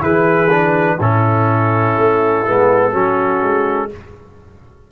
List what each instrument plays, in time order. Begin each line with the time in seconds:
0.00 tuba E3, trombone E4, horn G#4, trumpet B4
0.50 trombone D4
0.99 tuba A2, trombone C#4, horn E4, trumpet A4
1.97 tuba A3
2.46 tuba G#3, trombone B3
2.92 tuba F#3, trombone C#4, horn F#4
3.42 tuba G#3